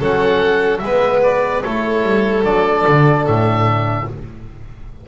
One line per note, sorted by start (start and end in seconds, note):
0.00 0.82 F#3
0.00 0.82 C#4
0.00 0.81 A4
0.00 0.79 F#5
0.79 1.63 G#3
0.79 1.65 B3
0.79 1.63 B4
0.79 1.19 E5
1.23 1.63 D5
1.63 2.03 A3
1.63 2.43 E4
1.63 4.06 A4
1.63 2.44 C#5
2.03 2.43 G3
2.43 2.85 F#3
2.43 4.06 D4
2.43 3.26 D5
2.87 3.27 D3
3.27 4.08 A2
3.27 4.08 E5